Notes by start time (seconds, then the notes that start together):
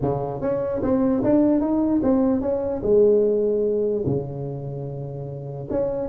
0.01 C#3
0.41 C#4
0.82 C4
1.23 D4
1.60 D#4
2.02 C4
2.41 C#4
2.82 G#3
4.06 C#3
5.70 C#4